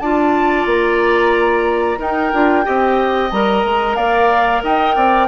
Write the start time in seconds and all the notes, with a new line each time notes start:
0.00 D4 F4 D5 A5
0.66 A#3 A#5
1.98 D#4 A#4 G5
2.33 D4 F4
2.64 C4 G4 D#5
3.31 G3 A#4 A#5
3.65 G#3
3.96 A#3 D5 F5
4.63 D#4 D#5 G5
4.96 C4 D5